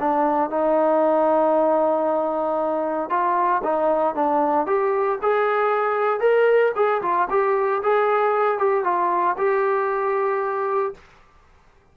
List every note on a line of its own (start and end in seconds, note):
0.00 0.50 D4
0.50 3.10 D#4
3.10 3.62 F4
3.64 4.15 D#4
4.15 4.67 D4
4.67 5.19 G4
5.22 6.20 G#4
6.20 6.72 A#4
6.76 7.02 G#4
7.02 7.28 F4
7.30 7.82 G4
7.83 8.58 G#4
8.58 8.84 G4
8.84 9.37 F4
9.38 10.94 G4